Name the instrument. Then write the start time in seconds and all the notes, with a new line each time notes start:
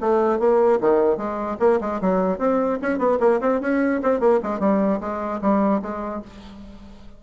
bassoon
0.00 A3
0.39 A#3
0.80 D#3
1.17 G#3
1.59 A#3
1.80 G#3
2.01 F#3
2.38 C4
2.82 C#4
2.98 B3
3.20 A#3
3.41 C4
3.60 C#4
4.02 C4
4.20 A#3
4.42 G#3
4.59 G3
5.00 G#3
5.41 G3
5.82 G#3